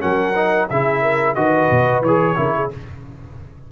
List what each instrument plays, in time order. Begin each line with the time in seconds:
0.00 tuba F#3, trombone C#4, horn A#4, trumpet F#5
0.36 trombone D#4
0.70 tuba C#3, trombone E4, horn G#4, trumpet E5
1.02 horn A#4
1.35 tuba D#3, trombone F#4, horn B4, trumpet D#5
1.71 tuba B2
2.01 tuba E3, trumpet C#5
2.07 trombone G#4
2.36 tuba C#3, trombone E4, horn A#4
2.55 horn G#4